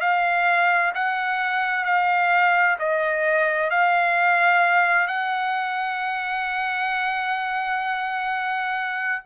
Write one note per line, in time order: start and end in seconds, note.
0.00 0.92 F5
0.95 1.85 F#5
1.85 2.77 F5
2.79 3.70 D#5
3.70 5.07 F5
5.07 9.23 F#5